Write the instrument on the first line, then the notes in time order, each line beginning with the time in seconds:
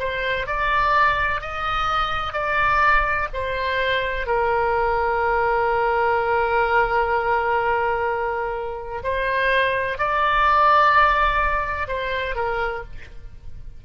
oboe
0.00 C5
0.47 D5
1.42 D#5
2.33 D5
3.34 C5
4.27 A#4
9.04 C5
9.99 D5
11.88 C5
12.36 A#4